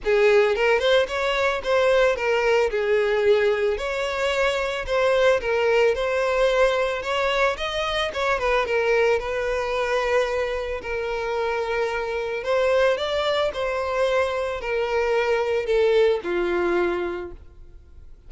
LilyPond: \new Staff \with { instrumentName = "violin" } { \time 4/4 \tempo 4 = 111 gis'4 ais'8 c''8 cis''4 c''4 | ais'4 gis'2 cis''4~ | cis''4 c''4 ais'4 c''4~ | c''4 cis''4 dis''4 cis''8 b'8 |
ais'4 b'2. | ais'2. c''4 | d''4 c''2 ais'4~ | ais'4 a'4 f'2 | }